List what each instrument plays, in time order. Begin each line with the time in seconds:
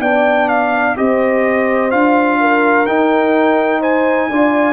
0.00 tuba B3, trombone D4, horn D5, trumpet G5
0.49 trumpet F5
0.96 tuba C4, trombone G4, horn C5, trumpet D#5
1.90 tuba D4, trombone F4, trumpet F5
2.40 horn A#4
2.86 tuba D#4, trombone D#4, trumpet G5
3.81 horn C5, trumpet G#5
4.30 tuba D4, trombone F4, horn D5